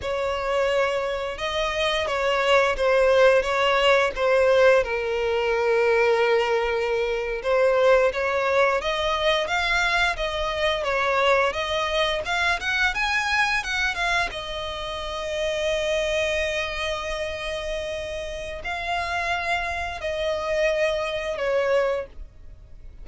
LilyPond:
\new Staff \with { instrumentName = "violin" } { \time 4/4 \tempo 4 = 87 cis''2 dis''4 cis''4 | c''4 cis''4 c''4 ais'4~ | ais'2~ ais'8. c''4 cis''16~ | cis''8. dis''4 f''4 dis''4 cis''16~ |
cis''8. dis''4 f''8 fis''8 gis''4 fis''16~ | fis''16 f''8 dis''2.~ dis''16~ | dis''2. f''4~ | f''4 dis''2 cis''4 | }